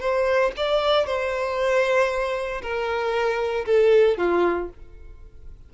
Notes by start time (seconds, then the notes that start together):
0.00 C5
0.57 D5
1.07 C5
2.62 A#4
3.66 A4
4.18 F4